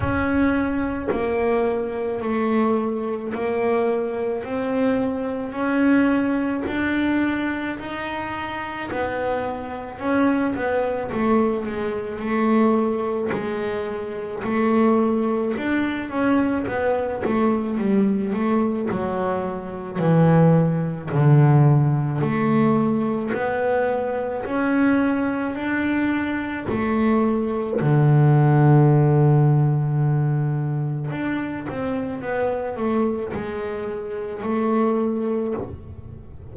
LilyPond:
\new Staff \with { instrumentName = "double bass" } { \time 4/4 \tempo 4 = 54 cis'4 ais4 a4 ais4 | c'4 cis'4 d'4 dis'4 | b4 cis'8 b8 a8 gis8 a4 | gis4 a4 d'8 cis'8 b8 a8 |
g8 a8 fis4 e4 d4 | a4 b4 cis'4 d'4 | a4 d2. | d'8 c'8 b8 a8 gis4 a4 | }